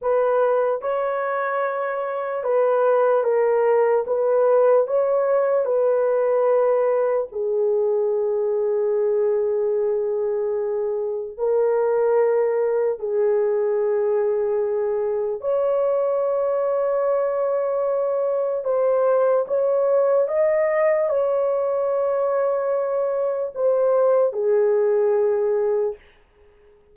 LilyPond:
\new Staff \with { instrumentName = "horn" } { \time 4/4 \tempo 4 = 74 b'4 cis''2 b'4 | ais'4 b'4 cis''4 b'4~ | b'4 gis'2.~ | gis'2 ais'2 |
gis'2. cis''4~ | cis''2. c''4 | cis''4 dis''4 cis''2~ | cis''4 c''4 gis'2 | }